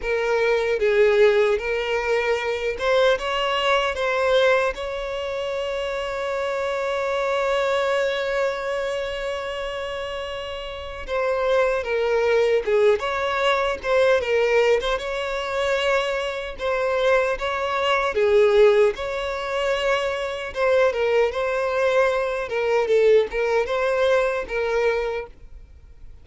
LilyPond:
\new Staff \with { instrumentName = "violin" } { \time 4/4 \tempo 4 = 76 ais'4 gis'4 ais'4. c''8 | cis''4 c''4 cis''2~ | cis''1~ | cis''2 c''4 ais'4 |
gis'8 cis''4 c''8 ais'8. c''16 cis''4~ | cis''4 c''4 cis''4 gis'4 | cis''2 c''8 ais'8 c''4~ | c''8 ais'8 a'8 ais'8 c''4 ais'4 | }